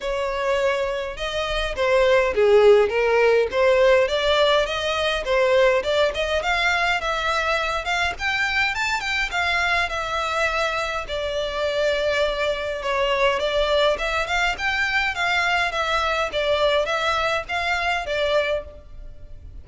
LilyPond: \new Staff \with { instrumentName = "violin" } { \time 4/4 \tempo 4 = 103 cis''2 dis''4 c''4 | gis'4 ais'4 c''4 d''4 | dis''4 c''4 d''8 dis''8 f''4 | e''4. f''8 g''4 a''8 g''8 |
f''4 e''2 d''4~ | d''2 cis''4 d''4 | e''8 f''8 g''4 f''4 e''4 | d''4 e''4 f''4 d''4 | }